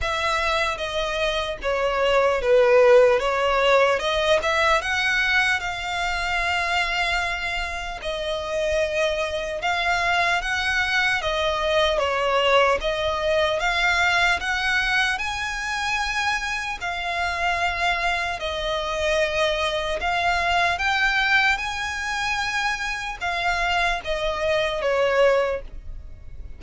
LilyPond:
\new Staff \with { instrumentName = "violin" } { \time 4/4 \tempo 4 = 75 e''4 dis''4 cis''4 b'4 | cis''4 dis''8 e''8 fis''4 f''4~ | f''2 dis''2 | f''4 fis''4 dis''4 cis''4 |
dis''4 f''4 fis''4 gis''4~ | gis''4 f''2 dis''4~ | dis''4 f''4 g''4 gis''4~ | gis''4 f''4 dis''4 cis''4 | }